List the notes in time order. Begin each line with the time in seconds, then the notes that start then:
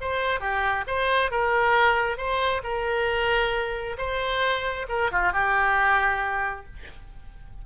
0.00 C5
0.40 G4
0.87 C5
1.31 A#4
2.17 C5
2.63 A#4
3.97 C5
4.88 A#4
5.11 F4
5.32 G4